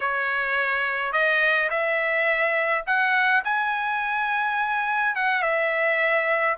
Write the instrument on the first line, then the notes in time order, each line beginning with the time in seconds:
trumpet
0.00 C#5
1.12 D#5
1.70 E5
2.86 F#5
3.44 G#5
5.15 F#5
5.42 E5